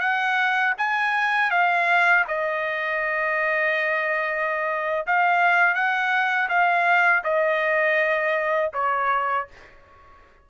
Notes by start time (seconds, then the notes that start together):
0.00 F#5
0.78 G#5
1.51 F5
2.28 D#5
5.07 F5
5.75 F#5
6.49 F5
7.24 D#5
8.74 C#5